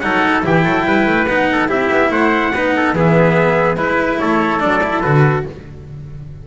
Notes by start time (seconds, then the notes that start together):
0.00 F#3 D#4 A4 F#5
0.42 E3 E4 G4 G5
0.64 F#3 A4
0.85 G3 B4
1.06 A3
1.27 B3 D#4 F#5
1.51 A4
1.68 C4 E4 G4 E5
1.90 B3
2.10 A3 C5 F#5
2.53 B3 D#4 B4
2.76 A4
2.93 E3 B3 G#4 E5
3.76 G#3 E4 B4
4.19 A3 A4 C#5
4.60 F#3 D4 D5
4.83 E4
5.01 D3 F#4 B4